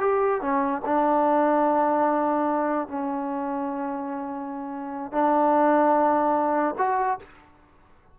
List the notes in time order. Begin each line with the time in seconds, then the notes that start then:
0.00 G4
0.41 C#4
0.85 D4
2.88 C#4
5.12 D4
6.78 F#4